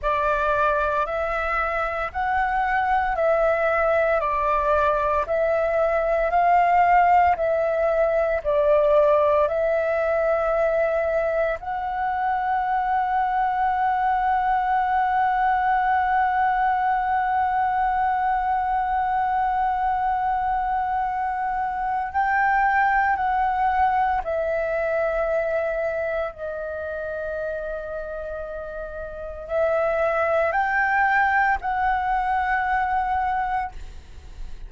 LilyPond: \new Staff \with { instrumentName = "flute" } { \time 4/4 \tempo 4 = 57 d''4 e''4 fis''4 e''4 | d''4 e''4 f''4 e''4 | d''4 e''2 fis''4~ | fis''1~ |
fis''1~ | fis''4 g''4 fis''4 e''4~ | e''4 dis''2. | e''4 g''4 fis''2 | }